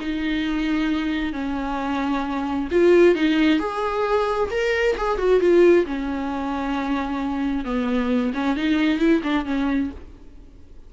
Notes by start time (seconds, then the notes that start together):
0.00 D#4
1.32 C#4
2.71 F4
3.15 D#4
3.59 G#4
4.51 A#4
4.97 G#4
5.18 F#4
5.40 F4
5.85 C#4
7.65 B3
8.34 C#4
8.56 D#4
8.99 E4
9.23 D4
9.45 C#4